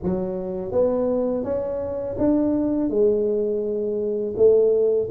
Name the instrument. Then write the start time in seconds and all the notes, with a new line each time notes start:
tuba
0.03 F#3
0.71 B3
1.44 C#4
2.18 D4
2.89 G#3
4.36 A3